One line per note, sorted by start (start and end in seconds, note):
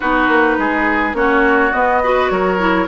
0.00 0.28 B3
0.00 1.14 D#4
0.00 0.57 F#4
0.00 1.15 B4
0.28 0.56 A#3
0.58 1.13 G#3
0.58 1.16 G#4
1.13 1.71 A#3
1.13 1.72 C#4
1.13 2.02 F#4
1.13 1.72 C#5
1.72 2.01 B3
1.72 2.30 B3
1.72 2.29 D#5
2.02 2.59 F#4
2.02 2.31 B4
2.29 2.87 F#3
2.29 2.87 A#4
2.29 2.86 C#5
2.59 2.87 E4